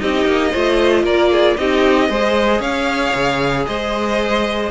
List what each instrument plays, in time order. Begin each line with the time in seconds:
0.00 cello C4, viola D#4, violin G4 D#5
0.26 cello A#3
0.51 cello A3, viola F4, violin C5
1.04 cello A#3, violin A#4 D5
1.32 violin G#4
1.57 cello C4, viola D#4, violin G4 D#5
2.09 cello G#3, viola G#4, violin C5
2.60 cello C#4, violin C#5 F5
3.15 cello C#3
3.67 cello G#3, violin C5 D#5